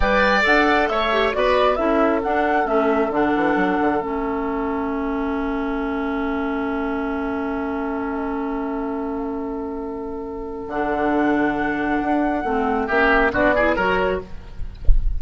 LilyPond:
<<
  \new Staff \with { instrumentName = "flute" } { \time 4/4 \tempo 4 = 135 g''4 fis''4 e''4 d''4 | e''4 fis''4 e''4 fis''4~ | fis''4 e''2.~ | e''1~ |
e''1~ | e''1 | fis''1~ | fis''4 e''4 d''4 cis''4 | }
  \new Staff \with { instrumentName = "oboe" } { \time 4/4 d''2 cis''4 b'4 | a'1~ | a'1~ | a'1~ |
a'1~ | a'1~ | a'1~ | a'4 g'4 fis'8 gis'8 ais'4 | }
  \new Staff \with { instrumentName = "clarinet" } { \time 4/4 b'4 a'4. g'8 fis'4 | e'4 d'4 cis'4 d'4~ | d'4 cis'2.~ | cis'1~ |
cis'1~ | cis'1 | d'1 | c'4 cis'4 d'8 e'8 fis'4 | }
  \new Staff \with { instrumentName = "bassoon" } { \time 4/4 g4 d'4 a4 b4 | cis'4 d'4 a4 d8 e8 | fis8 d8 a2.~ | a1~ |
a1~ | a1 | d2. d'4 | a4 ais4 b4 fis4 | }
>>